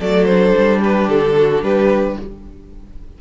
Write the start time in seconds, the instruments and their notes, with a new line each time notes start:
0.00 cello F#3, viola A3, violin A4 D5
0.25 viola D4, violin C5
0.58 cello G3
0.81 violin G4 B4
1.09 cello D3, violin A4
1.38 violin F#4
1.62 cello G3, violin G4 B4